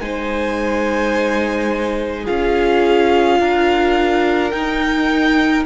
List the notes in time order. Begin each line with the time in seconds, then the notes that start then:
0.00 G#3 D#4 C5 G#5
2.23 F4 G#4 F5
2.29 C#4
3.39 D4 A#4
4.50 D#4 G5